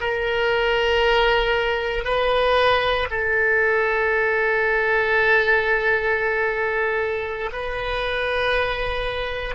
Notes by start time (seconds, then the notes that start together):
0.00 A#4
2.04 B4
3.10 A4
7.52 B4